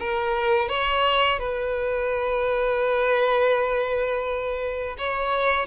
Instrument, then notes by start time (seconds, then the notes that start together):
violin
0.00 A#4
0.69 C#5
1.39 B4
4.98 C#5